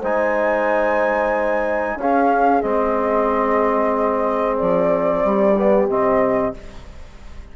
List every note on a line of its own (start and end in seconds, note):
0.00 1.95 G#3
0.00 1.99 D#4
0.00 1.96 C5
0.00 1.99 G#5
1.95 2.60 C#4
1.95 2.62 C#4
1.95 5.25 G#4
1.95 2.61 F5
2.61 4.59 G#3
2.61 5.56 C4
2.61 4.57 D#5
4.57 5.24 F3
4.57 5.87 D5
5.24 5.87 G3
5.24 6.56 G4
5.57 5.89 B3
5.87 6.53 C3
5.87 6.54 C4
5.87 6.54 D#5